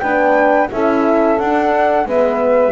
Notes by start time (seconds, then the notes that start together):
0.00 B3 D4 B4 G5
0.72 C#4 E4 A4 E5
1.39 D4 F#5
2.06 G#3 B3 B4 E5